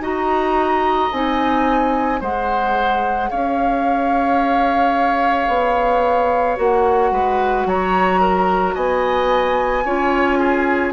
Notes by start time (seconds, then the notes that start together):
0.00 D#4 F#4 D#5 A#5
1.12 C4 D#4 G#5
2.20 G#3 G#4 C5 F#5
3.30 C#4 C#5 F5
5.48 B3
6.56 A#3 F#4 F#5
7.11 G#3 B4
7.66 F#3 C#5 A#5
8.21 A#4
8.75 B3 D#5 G#5
9.85 C#4 F4 C#5
10.39 G#4